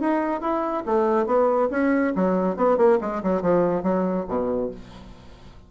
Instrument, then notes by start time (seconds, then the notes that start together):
bassoon
0.00 D#4
0.41 E4
0.86 A3
1.26 B3
1.71 C#4
2.15 F#3
2.57 B3
2.77 A#3
3.01 G#3
3.23 F#3
3.42 F3
3.83 F#3
4.28 B2